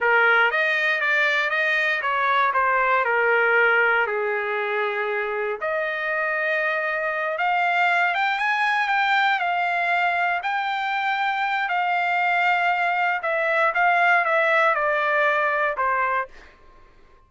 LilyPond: \new Staff \with { instrumentName = "trumpet" } { \time 4/4 \tempo 4 = 118 ais'4 dis''4 d''4 dis''4 | cis''4 c''4 ais'2 | gis'2. dis''4~ | dis''2~ dis''8 f''4. |
g''8 gis''4 g''4 f''4.~ | f''8 g''2~ g''8 f''4~ | f''2 e''4 f''4 | e''4 d''2 c''4 | }